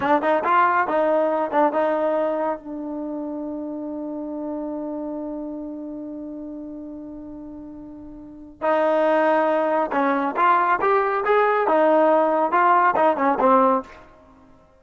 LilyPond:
\new Staff \with { instrumentName = "trombone" } { \time 4/4 \tempo 4 = 139 d'8 dis'8 f'4 dis'4. d'8 | dis'2 d'2~ | d'1~ | d'1~ |
d'1 | dis'2. cis'4 | f'4 g'4 gis'4 dis'4~ | dis'4 f'4 dis'8 cis'8 c'4 | }